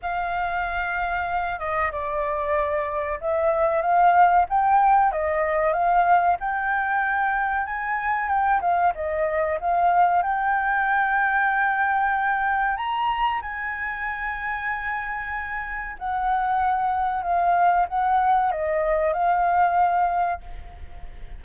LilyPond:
\new Staff \with { instrumentName = "flute" } { \time 4/4 \tempo 4 = 94 f''2~ f''8 dis''8 d''4~ | d''4 e''4 f''4 g''4 | dis''4 f''4 g''2 | gis''4 g''8 f''8 dis''4 f''4 |
g''1 | ais''4 gis''2.~ | gis''4 fis''2 f''4 | fis''4 dis''4 f''2 | }